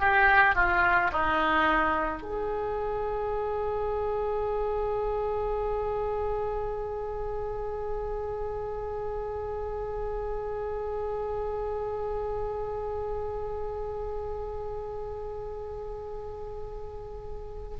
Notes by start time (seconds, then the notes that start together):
0.00 G4
0.56 F4
1.13 D#4
2.22 G#4